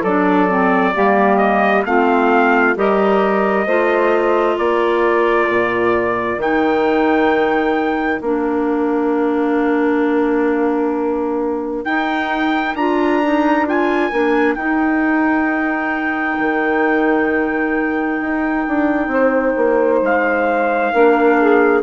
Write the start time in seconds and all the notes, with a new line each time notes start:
0.00 F#3 A4 D5
0.06 D4
0.48 C4
0.94 G3 A#3 G4
1.37 D#5
1.85 A3 C4 F4 F5
2.75 G3 G4 A#4 D#5
3.66 A3 F4 C5
4.57 A#3 A#4 D5
5.49 A#2
6.37 D#3 D#4 G5
8.21 A#3 D4 F5
11.85 D#4 G5
12.75 D4 F4 A#5
13.23 D#4
13.66 F4 G#5
14.12 A#3 D4
14.54 D#4 G5
16.39 D#3
18.21 D#4
18.68 D4
19.08 C4 C5
19.56 A#3
20.02 G#3 F5
20.93 A#3 D4 A#4
21.41 G#4